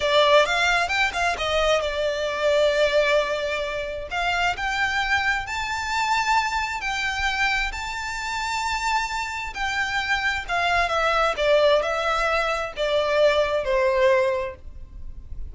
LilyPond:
\new Staff \with { instrumentName = "violin" } { \time 4/4 \tempo 4 = 132 d''4 f''4 g''8 f''8 dis''4 | d''1~ | d''4 f''4 g''2 | a''2. g''4~ |
g''4 a''2.~ | a''4 g''2 f''4 | e''4 d''4 e''2 | d''2 c''2 | }